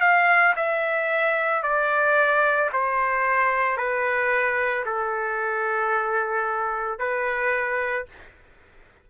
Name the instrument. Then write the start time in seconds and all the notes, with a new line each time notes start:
trumpet
0.00 F5
0.56 E5
1.62 D5
2.72 C5
3.77 B4
4.86 A4
6.98 B4